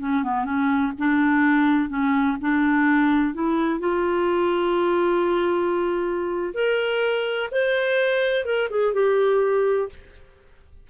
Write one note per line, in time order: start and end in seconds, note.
0.00 0.24 C#4
0.24 0.45 B3
0.45 0.93 C#4
0.99 1.90 D4
1.90 2.37 C#4
2.41 3.34 D4
3.34 3.80 E4
3.80 6.54 F4
6.55 7.50 A#4
7.52 8.45 C5
8.45 8.69 A#4
8.71 8.94 G#4
8.94 9.89 G4